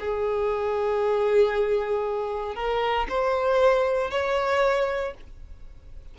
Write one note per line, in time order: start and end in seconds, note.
0.00 2.55 G#4
2.55 3.07 A#4
3.09 4.11 C5
4.11 5.14 C#5